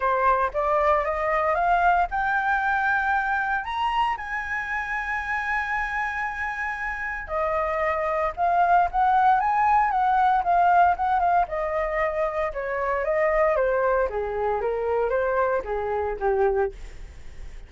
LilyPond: \new Staff \with { instrumentName = "flute" } { \time 4/4 \tempo 4 = 115 c''4 d''4 dis''4 f''4 | g''2. ais''4 | gis''1~ | gis''2 dis''2 |
f''4 fis''4 gis''4 fis''4 | f''4 fis''8 f''8 dis''2 | cis''4 dis''4 c''4 gis'4 | ais'4 c''4 gis'4 g'4 | }